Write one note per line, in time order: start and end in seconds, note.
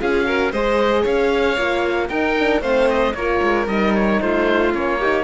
0.00 0.53 C#4
0.00 0.26 F4
0.00 0.26 G#4
0.00 0.53 F5
0.26 0.52 F#4
0.26 0.52 A#4
0.52 1.05 G#3
0.52 1.58 G#4
0.52 1.02 C5
0.52 1.06 D#5
1.02 1.58 C#4
1.02 2.08 C#5
1.02 2.09 F5
1.58 2.10 A#3
1.58 2.10 F4
2.09 2.61 D#4
2.09 2.37 D#4
2.09 2.62 A#4
2.09 2.62 G5
2.40 2.63 D4
2.61 3.14 A3
2.61 3.15 C4
2.61 3.14 C5
2.61 2.89 F5
2.90 3.15 D#5
3.15 3.41 A#3
3.15 3.68 F4
3.15 4.22 A#4
3.15 3.67 C#5
3.43 3.67 G#3
3.67 4.20 G3
3.67 4.72 D#4
3.67 3.94 D#5
3.96 4.21 C#5
4.21 4.75 A3
4.21 5.00 F4
4.21 4.74 C5
4.72 5.24 A#3
4.72 4.99 C#4
4.72 5.24 C#5
5.00 5.24 D#4
5.00 5.24 G4